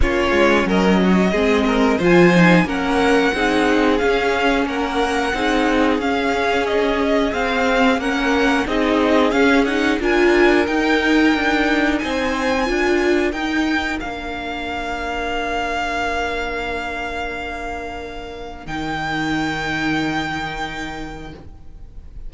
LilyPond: <<
  \new Staff \with { instrumentName = "violin" } { \time 4/4 \tempo 4 = 90 cis''4 dis''2 gis''4 | fis''2 f''4 fis''4~ | fis''4 f''4 dis''4 f''4 | fis''4 dis''4 f''8 fis''8 gis''4 |
g''2 gis''2 | g''4 f''2.~ | f''1 | g''1 | }
  \new Staff \with { instrumentName = "violin" } { \time 4/4 f'4 ais'8 fis'8 gis'8 ais'8 c''4 | ais'4 gis'2 ais'4 | gis'1 | ais'4 gis'2 ais'4~ |
ais'2 c''4 ais'4~ | ais'1~ | ais'1~ | ais'1 | }
  \new Staff \with { instrumentName = "viola" } { \time 4/4 cis'2 c'4 f'8 dis'8 | cis'4 dis'4 cis'2 | dis'4 cis'2 c'4 | cis'4 dis'4 cis'8 dis'8 f'4 |
dis'2. f'4 | dis'4 d'2.~ | d'1 | dis'1 | }
  \new Staff \with { instrumentName = "cello" } { \time 4/4 ais8 gis8 fis4 gis4 f4 | ais4 c'4 cis'4 ais4 | c'4 cis'2 c'4 | ais4 c'4 cis'4 d'4 |
dis'4 d'4 c'4 d'4 | dis'4 ais2.~ | ais1 | dis1 | }
>>